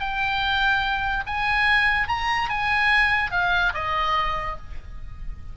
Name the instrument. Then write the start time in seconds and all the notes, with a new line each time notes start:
oboe
0.00 G5
1.26 G#5
2.08 A#5
2.49 G#5
3.32 F5
3.74 D#5